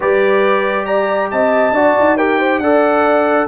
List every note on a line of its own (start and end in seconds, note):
0.00 1.32 G3
0.00 1.74 G4
0.00 0.86 B4
0.00 0.85 D5
0.85 1.29 D5
0.85 1.29 A#5
1.31 1.71 C4
1.31 1.74 D#5
1.31 2.17 A5
1.71 1.93 D4
1.71 2.18 F#4
1.71 2.16 D5
1.99 2.59 D#4
2.16 2.62 G4
2.16 2.38 A#4
2.16 2.59 G5
2.38 2.60 C5
2.59 3.45 D4
2.59 3.47 A4
2.59 3.47 D5
2.59 3.46 F#5